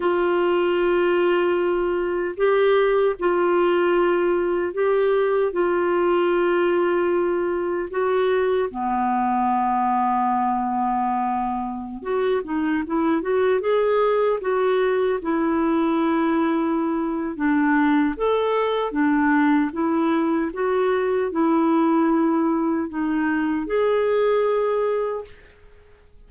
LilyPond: \new Staff \with { instrumentName = "clarinet" } { \time 4/4 \tempo 4 = 76 f'2. g'4 | f'2 g'4 f'4~ | f'2 fis'4 b4~ | b2.~ b16 fis'8 dis'16~ |
dis'16 e'8 fis'8 gis'4 fis'4 e'8.~ | e'2 d'4 a'4 | d'4 e'4 fis'4 e'4~ | e'4 dis'4 gis'2 | }